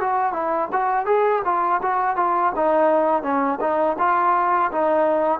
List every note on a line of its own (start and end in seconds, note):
0.00 0.32 F#4
0.32 0.68 E4
0.72 1.06 F#4
1.06 1.42 G#4
1.45 1.81 F4
1.82 2.16 F#4
2.16 2.52 F4
2.55 3.23 D#4
3.23 3.59 C#4
3.60 3.96 D#4
3.99 4.71 F4
4.72 5.40 D#4